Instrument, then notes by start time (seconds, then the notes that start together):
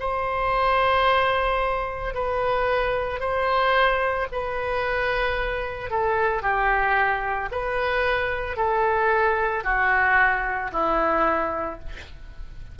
oboe
0.00 C5
2.14 B4
3.20 C5
4.32 B4
5.90 A4
6.42 G4
7.51 B4
8.57 A4
9.64 F#4
10.72 E4